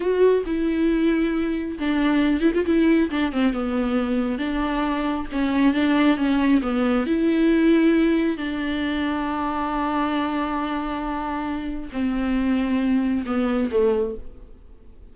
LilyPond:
\new Staff \with { instrumentName = "viola" } { \time 4/4 \tempo 4 = 136 fis'4 e'2. | d'4. e'16 f'16 e'4 d'8 c'8 | b2 d'2 | cis'4 d'4 cis'4 b4 |
e'2. d'4~ | d'1~ | d'2. c'4~ | c'2 b4 a4 | }